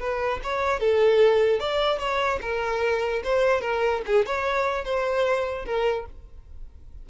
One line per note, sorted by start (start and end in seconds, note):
0.00 0.41 B4
0.43 0.80 C#5
0.80 1.60 A4
1.60 1.99 D5
1.99 2.40 C#5
2.42 3.23 A#4
3.24 3.62 C5
3.62 4.02 A#4
4.07 4.26 G#4
4.26 4.85 C#5
4.85 5.66 C5
5.66 6.06 A#4